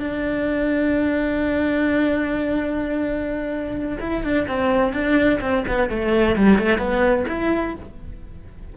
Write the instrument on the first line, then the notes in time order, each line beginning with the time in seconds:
cello
0.00 D4
4.01 E4
4.24 D4
4.48 C4
4.93 D4
5.41 C4
5.68 B3
5.90 A3
6.36 G3
6.59 A3
6.78 B3
7.28 E4